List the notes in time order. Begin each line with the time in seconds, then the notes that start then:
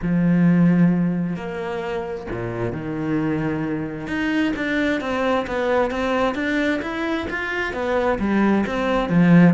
0.02 F3
1.36 A#3
2.30 A#2
2.72 D#3
4.07 D#4
4.56 D4
5.00 C4
5.46 B3
5.90 C4
6.34 D4
6.81 E4
7.30 F4
7.73 B3
8.19 G3
8.66 C4
9.09 F3